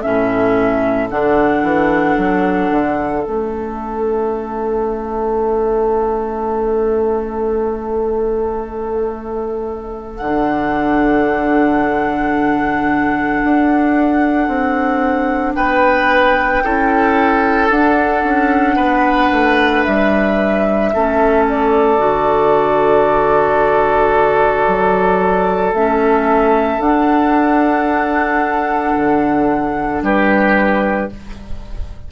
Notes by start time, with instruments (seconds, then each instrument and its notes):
0.00 bassoon A2, clarinet C#4, oboe A4, flute E5
1.10 bassoon D3, clarinet D4, flute F#5
1.63 bassoon E3
2.17 bassoon F#3
2.71 bassoon D3
3.22 bassoon A3, clarinet C#4, flute E5
10.17 bassoon D3, flute F#5
10.23 clarinet D4
13.44 bassoon D4
14.48 bassoon C4
15.55 bassoon B3, oboe B4, flute G5
16.64 bassoon C#4, clarinet E4, oboe A4
17.70 bassoon D4, clarinet D4, flute F#5
18.24 bassoon C#4
18.76 bassoon B3, oboe B4
19.32 bassoon A3
19.84 bassoon G3, flute E5
20.94 bassoon A3, clarinet C#4, oboe A4
21.49 flute D5
21.98 bassoon D3, clarinet F#4
24.67 bassoon F#3
25.73 bassoon A3, clarinet C#4, flute E5
26.79 bassoon D4, clarinet D4, flute F#5
28.96 bassoon D3
30.02 bassoon G3, oboe G4, flute B4